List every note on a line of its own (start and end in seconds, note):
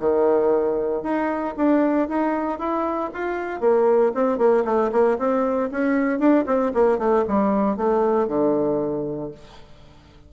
0.00 1.03 D#3
1.03 1.55 D#4
1.57 2.09 D4
2.09 2.59 D#4
2.59 3.11 E4
3.14 3.61 F4
3.61 4.12 A#3
4.15 4.38 C4
4.38 4.64 A#3
4.65 4.91 A3
4.92 5.18 A#3
5.18 5.70 C4
5.71 6.19 C#4
6.19 6.45 D4
6.47 6.72 C4
6.74 6.99 A#3
6.99 7.25 A3
7.28 7.77 G3
7.77 8.28 A3
8.28 9.32 D3